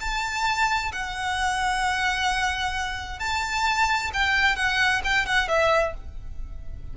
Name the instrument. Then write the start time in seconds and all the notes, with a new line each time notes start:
violin
0.00 A5
0.92 F#5
3.19 A5
4.13 G5
4.56 F#5
5.04 G5
5.26 F#5
5.48 E5